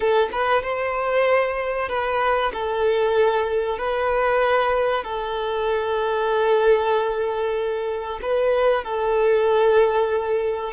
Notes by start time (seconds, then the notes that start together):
0.00 A4
0.32 B4
0.62 C5
1.89 B4
2.53 A4
3.78 B4
5.03 A4
8.22 B4
8.84 A4